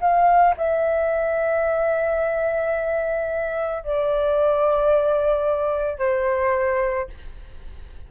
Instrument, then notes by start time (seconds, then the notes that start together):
flute
0.00 F5
0.57 E5
3.83 D5
5.98 C5